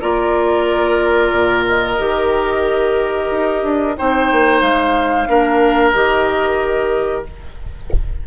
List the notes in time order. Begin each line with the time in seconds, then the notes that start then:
0.00 A#3 F4 A#4 D5
1.32 A#2
1.67 D#5
1.98 D#3 G4
3.30 D#4
3.63 D4
3.96 C4 D#4 C5 G5
4.31 A#3
4.60 G#3 F5
5.27 A#3 D4 A#4
5.91 D#3 G4 D#5